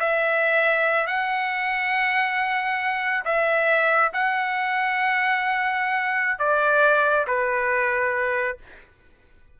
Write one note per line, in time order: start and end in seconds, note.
0.00 1.07 E5
1.07 3.24 F#5
3.25 4.12 E5
4.13 6.39 F#5
6.39 7.26 D5
7.27 8.58 B4